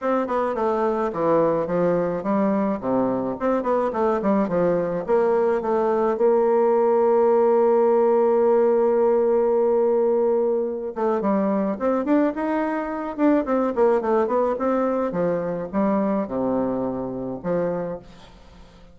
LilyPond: \new Staff \with { instrumentName = "bassoon" } { \time 4/4 \tempo 4 = 107 c'8 b8 a4 e4 f4 | g4 c4 c'8 b8 a8 g8 | f4 ais4 a4 ais4~ | ais1~ |
ais2.~ ais8 a8 | g4 c'8 d'8 dis'4. d'8 | c'8 ais8 a8 b8 c'4 f4 | g4 c2 f4 | }